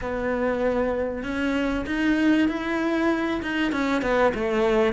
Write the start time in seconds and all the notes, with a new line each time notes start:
0.01 B3
1.23 C#4
1.86 D#4
2.48 E4
3.42 D#4
3.72 C#4
4.01 B3
4.34 A3